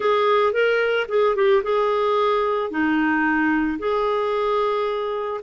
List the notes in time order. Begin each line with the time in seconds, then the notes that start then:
0.00 G#4
0.53 A#4
1.08 G#4
1.35 G4
1.63 G#4
2.70 D#4
3.78 G#4